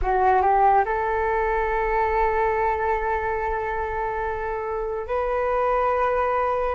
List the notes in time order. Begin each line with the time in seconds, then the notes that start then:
0.02 F#4
0.41 G4
0.85 A4
5.07 B4